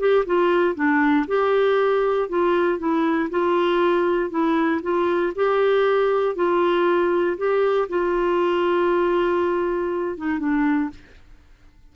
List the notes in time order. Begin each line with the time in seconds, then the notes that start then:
0.00 G4
0.26 F4
0.76 D4
1.28 G4
2.30 F4
2.79 E4
3.31 F4
4.31 E4
4.83 F4
5.36 G4
6.36 F4
7.38 G4
7.90 F4
10.18 D#4
10.39 D4